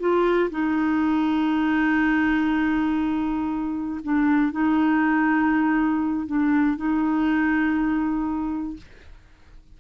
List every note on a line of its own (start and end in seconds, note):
0.00 0.50 F4
0.51 4.01 D#4
4.03 4.52 D4
4.52 6.27 D#4
6.27 6.77 D4
6.77 8.77 D#4